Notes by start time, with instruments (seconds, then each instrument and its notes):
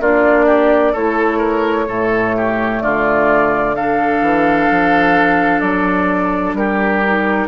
0.00 bassoon A#3, clarinet D4, oboe F4, flute D5
0.46 oboe G4
0.92 bassoon A3, clarinet E4, oboe A4, flute C#5
1.38 oboe A#4
1.88 bassoon A2, clarinet A3, oboe A4
2.37 oboe G4
2.81 bassoon D3, oboe F4, flute D5
3.75 clarinet D4, oboe A4, flute F5
4.21 bassoon E3
4.70 bassoon F3
5.60 bassoon F#3, flute D5
6.53 bassoon G3, oboe G4, flute A#4
7.05 clarinet D#4